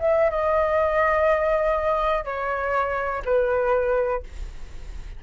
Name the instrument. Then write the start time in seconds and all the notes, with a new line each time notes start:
flute
0.00 E5
0.31 D#5
2.25 C#5
3.25 B4